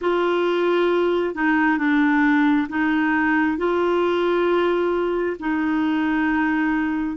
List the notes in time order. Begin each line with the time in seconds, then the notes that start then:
0.01 F4
1.34 D#4
1.78 D4
2.69 D#4
3.57 F4
5.39 D#4